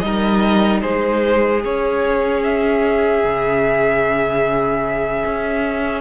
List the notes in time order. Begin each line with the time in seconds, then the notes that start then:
0.00 G3 D#4 A#4 D#5
0.82 G#3 G#4 C5
1.63 C#4 C#5
2.43 E5
3.24 C#3
5.25 C#4